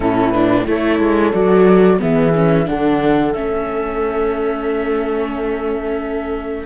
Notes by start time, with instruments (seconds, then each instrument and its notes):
0.00 cello A2, viola C#4, horn E4, flute A4
0.30 viola D4, flute B4
0.66 cello A3, viola E4, horn A4, flute C#5
0.99 cello G#3
1.32 cello F#3, viola F#4, flute D5
1.98 cello E3, viola B3, horn G#4, flute E5
2.34 viola C#4
2.65 cello D3, viola D4, horn A4, flute F#5
3.33 cello A3, viola C#4, flute E5